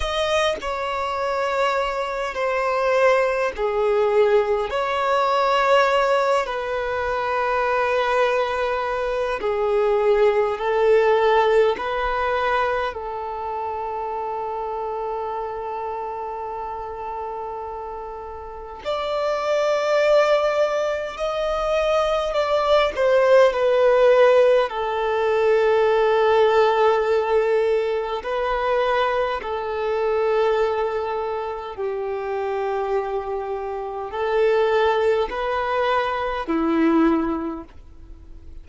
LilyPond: \new Staff \with { instrumentName = "violin" } { \time 4/4 \tempo 4 = 51 dis''8 cis''4. c''4 gis'4 | cis''4. b'2~ b'8 | gis'4 a'4 b'4 a'4~ | a'1 |
d''2 dis''4 d''8 c''8 | b'4 a'2. | b'4 a'2 g'4~ | g'4 a'4 b'4 e'4 | }